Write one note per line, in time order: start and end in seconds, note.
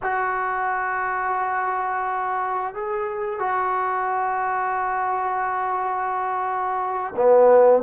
0.02 2.74 F#4
2.74 3.39 G#4
3.39 7.14 F#4
7.16 7.82 B3